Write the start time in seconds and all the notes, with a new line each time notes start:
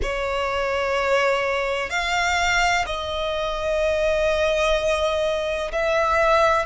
0.02 C#5
1.90 F5
2.86 D#5
5.71 E5